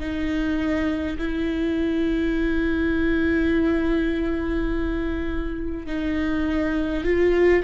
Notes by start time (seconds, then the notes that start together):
0.00 D#4
1.18 E4
5.87 D#4
7.05 F4